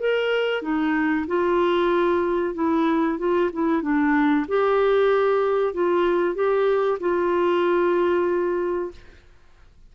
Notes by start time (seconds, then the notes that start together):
0.00 A#4
0.62 D#4
1.28 F4
2.55 E4
3.19 F4
3.53 E4
3.82 D4
4.49 G4
5.74 F4
6.35 G4
7.00 F4